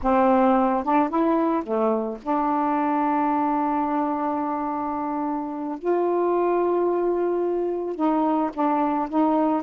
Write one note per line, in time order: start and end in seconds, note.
0.02 0.84 C4
0.84 1.09 D4
1.09 1.63 E4
1.63 2.18 A3
2.22 5.78 D4
5.78 7.95 F4
7.95 8.50 D#4
8.53 9.08 D4
9.09 9.62 D#4